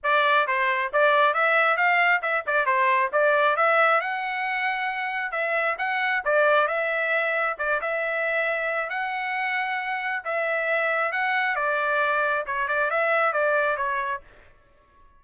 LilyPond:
\new Staff \with { instrumentName = "trumpet" } { \time 4/4 \tempo 4 = 135 d''4 c''4 d''4 e''4 | f''4 e''8 d''8 c''4 d''4 | e''4 fis''2. | e''4 fis''4 d''4 e''4~ |
e''4 d''8 e''2~ e''8 | fis''2. e''4~ | e''4 fis''4 d''2 | cis''8 d''8 e''4 d''4 cis''4 | }